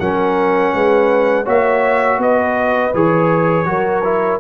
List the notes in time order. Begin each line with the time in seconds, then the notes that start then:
0.00 F#3 C#4 A#4 F#5
0.74 G#3 B4
1.45 A#3 F#4 C#5 E5
2.18 B3 B4 D#5
2.94 E3 G#4 C#5
3.66 F#3 F#4 A#4
4.04 E4